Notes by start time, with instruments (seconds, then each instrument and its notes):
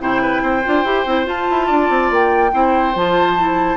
0.00 bassoon C3, clarinet E4, oboe C5, flute G5
0.22 oboe B4
0.42 bassoon C4, oboe C5
0.64 bassoon D4, clarinet F4
0.84 bassoon E4, clarinet G4
1.06 bassoon C4, clarinet E4
1.25 clarinet F4, bassoon F4, flute A5
1.50 bassoon E4
1.67 bassoon D4, oboe D5
1.90 bassoon C4
2.10 bassoon A#3, flute G5
2.52 bassoon C4, clarinet E4, oboe C5
2.95 bassoon F3, clarinet F4, flute A5
3.37 clarinet E4